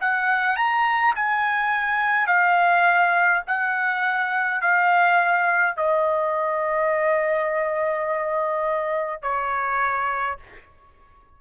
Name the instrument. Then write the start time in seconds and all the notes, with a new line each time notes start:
trumpet
0.00 F#5
0.56 A#5
1.15 G#5
2.27 F5
3.47 F#5
4.61 F5
5.76 D#5
9.22 C#5